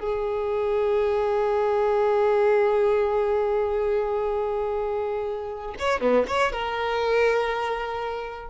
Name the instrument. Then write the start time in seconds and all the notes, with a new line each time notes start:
violin
0.00 G#4
5.79 C#5
6.00 B3
6.27 C#5
6.52 A#4